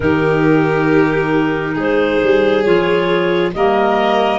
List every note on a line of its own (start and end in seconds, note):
0.00 1.74 D#3
0.00 2.62 D#4
0.00 1.74 G4
0.00 1.76 A#4
1.74 2.19 G#3
1.74 3.50 G#4
1.74 2.63 C5
2.23 2.65 G3
2.63 3.53 F3
2.63 3.53 F4
2.63 3.51 C#5
3.53 4.38 G3
3.53 4.38 A#3
3.53 4.38 A#4
3.53 4.38 D#5